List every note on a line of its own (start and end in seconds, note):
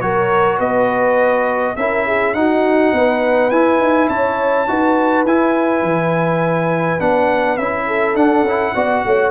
0.00 0.59 F#3
0.00 1.76 F#4
0.00 0.58 A#4
0.00 0.58 C#5
0.58 1.75 B3
0.58 1.74 B4
0.58 1.76 D#5
1.76 2.33 C#4
1.76 2.35 E4
1.76 2.06 A#4
1.76 2.34 E5
2.06 2.35 G#4
2.33 2.92 D#4
2.33 3.51 D#4
2.33 2.95 F#4
2.33 3.50 F#5
2.93 3.51 B3
2.93 4.10 B4
3.50 3.79 E4
3.50 4.67 E4
3.50 4.08 G#5
3.79 4.08 D#4
4.09 4.67 C#4
4.09 4.68 C#5
4.09 5.25 A5
4.67 5.24 D#4
4.67 5.26 F#4
4.67 7.86 B4
5.24 5.82 E4
5.24 7.00 E4
5.24 7.00 G#5
5.82 6.99 E3
7.00 7.58 B3
7.00 7.58 D4
7.00 7.57 F#5
7.57 8.15 C#4
7.57 8.17 E4
7.57 8.15 E5
7.86 8.74 A4
8.15 8.43 D4
8.15 8.46 D4
8.15 9.31 F#5
8.43 8.72 C#4
8.43 8.75 E4
8.74 9.04 B3
8.74 9.31 F#4
8.74 9.04 D5
9.05 9.31 A3
9.05 9.31 C#5